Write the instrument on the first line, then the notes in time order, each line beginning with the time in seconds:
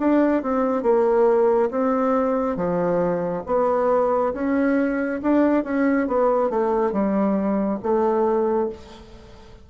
bassoon
0.00 D4
0.43 C4
0.83 A#3
1.71 C4
2.57 F3
3.47 B3
4.34 C#4
5.23 D4
5.64 C#4
6.08 B3
6.50 A3
6.92 G3
7.83 A3